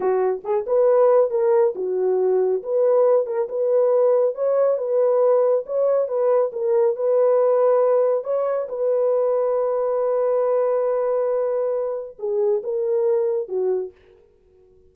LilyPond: \new Staff \with { instrumentName = "horn" } { \time 4/4 \tempo 4 = 138 fis'4 gis'8 b'4. ais'4 | fis'2 b'4. ais'8 | b'2 cis''4 b'4~ | b'4 cis''4 b'4 ais'4 |
b'2. cis''4 | b'1~ | b'1 | gis'4 ais'2 fis'4 | }